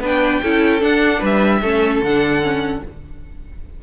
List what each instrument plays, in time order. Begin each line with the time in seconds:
0.00 cello B3, viola D4, violin B4 G5
0.42 cello C#4, viola E4, violin A4
0.81 viola D4, cello D4, violin F#5
1.19 cello G3, violin B4
1.25 violin E5
1.62 cello A3, viola C#4, violin A4
2.02 cello D3, viola D4, violin F#5
2.42 viola C#4